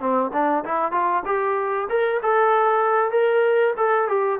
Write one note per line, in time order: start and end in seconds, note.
0.00 0.31 C4
0.33 0.64 D4
0.64 0.92 E4
0.92 1.23 F4
1.25 1.88 G4
1.89 2.21 A#4
2.22 3.11 A4
3.11 3.74 A#4
3.77 4.08 A4
4.08 4.39 G4